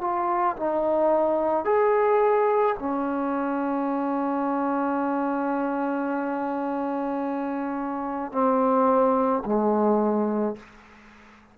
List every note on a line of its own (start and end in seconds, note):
0.00 0.56 F4
0.56 1.64 D#4
1.64 2.75 G#4
2.79 8.32 C#4
8.32 9.43 C4
9.44 10.56 G#3